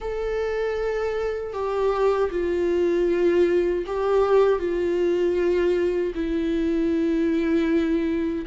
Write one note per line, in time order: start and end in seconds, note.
0.00 1.53 A4
1.53 2.30 G4
2.30 3.84 F4
3.86 4.59 G4
4.59 6.13 F4
6.14 8.45 E4